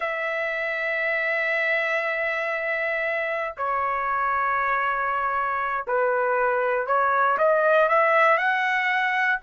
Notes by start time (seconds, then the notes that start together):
0.00 E5
3.57 C#5
5.87 B4
6.86 C#5
7.38 D#5
7.88 E5
8.37 F#5